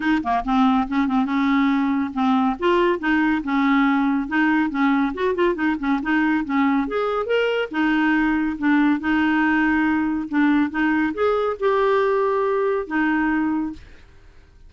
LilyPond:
\new Staff \with { instrumentName = "clarinet" } { \time 4/4 \tempo 4 = 140 dis'8 ais8 c'4 cis'8 c'8 cis'4~ | cis'4 c'4 f'4 dis'4 | cis'2 dis'4 cis'4 | fis'8 f'8 dis'8 cis'8 dis'4 cis'4 |
gis'4 ais'4 dis'2 | d'4 dis'2. | d'4 dis'4 gis'4 g'4~ | g'2 dis'2 | }